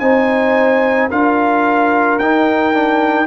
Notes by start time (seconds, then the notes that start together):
0.00 C4 D#4 C5 G#5
1.10 D4 F4 A#4 F5
2.19 D#4 G5
2.74 D4